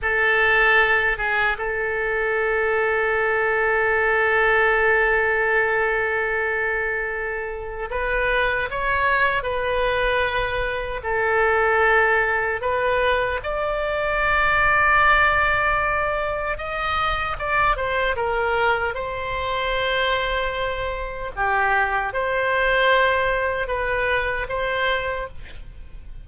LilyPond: \new Staff \with { instrumentName = "oboe" } { \time 4/4 \tempo 4 = 76 a'4. gis'8 a'2~ | a'1~ | a'2 b'4 cis''4 | b'2 a'2 |
b'4 d''2.~ | d''4 dis''4 d''8 c''8 ais'4 | c''2. g'4 | c''2 b'4 c''4 | }